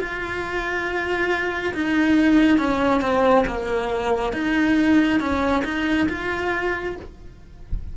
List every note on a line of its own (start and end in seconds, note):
0.00 1.74 F4
1.74 2.58 D#4
2.58 3.02 C#4
3.02 3.45 C4
3.47 4.33 A#3
4.33 5.20 D#4
5.20 5.64 C#4
5.64 6.08 D#4
6.09 6.96 F4